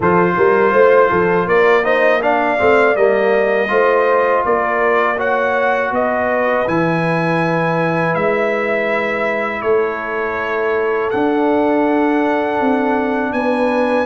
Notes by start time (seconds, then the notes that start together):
0.00 F3 F4 A4 C5
0.36 G3 A#4
0.72 A3 C5
1.09 F3 A4
1.46 A#3 A#4 D5
1.83 D#4 C5 D#5
2.21 D4 D5 F5
2.58 A3 C4
2.95 G3 A#3 D#5
3.67 A3 F4 C5
4.45 A#3 A#4 D5
5.17 F#4 C#5 F#5
5.91 B3 B4 D#5
6.67 E3 E4 G#5
8.15 G#3 E5
9.61 A3 A4 C#5
11.10 D4 F#5
12.60 C4
13.31 B3 B4 G#5